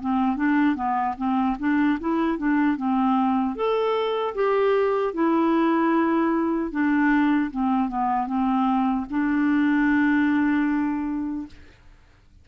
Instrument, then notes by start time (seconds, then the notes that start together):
clarinet
0.00 C4
0.36 D4
0.75 B3
1.17 C4
1.59 D4
2.00 E4
2.38 D4
2.77 C4
3.55 A4
4.35 G4
5.13 E4
6.71 D4
7.50 C4
7.88 B3
8.26 C4
9.10 D4